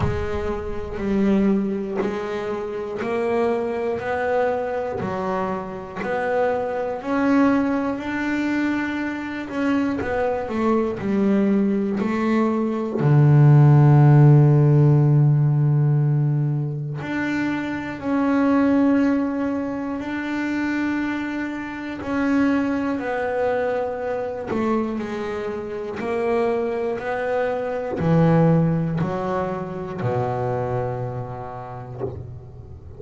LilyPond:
\new Staff \with { instrumentName = "double bass" } { \time 4/4 \tempo 4 = 60 gis4 g4 gis4 ais4 | b4 fis4 b4 cis'4 | d'4. cis'8 b8 a8 g4 | a4 d2.~ |
d4 d'4 cis'2 | d'2 cis'4 b4~ | b8 a8 gis4 ais4 b4 | e4 fis4 b,2 | }